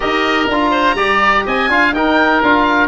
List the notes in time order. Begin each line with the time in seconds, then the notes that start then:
0.00 D#4 G4 A#4 D#5
0.46 D4 F4 A#5
0.70 C5
0.94 G3 G4 D5
1.45 C4 D#5 G#5
1.68 D4 F4 F5
1.92 D#4 A#4 G5
2.42 D4 F4 F5